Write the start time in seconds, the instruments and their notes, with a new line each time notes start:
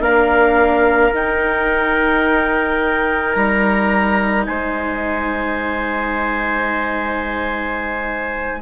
0.00 bassoon A#3, viola D4, trumpet A#4, clarinet F5
1.13 viola D#4, bassoon D#4, clarinet G5
3.33 bassoon G3, clarinet A#5
4.45 bassoon G#3, trumpet C5, clarinet G#5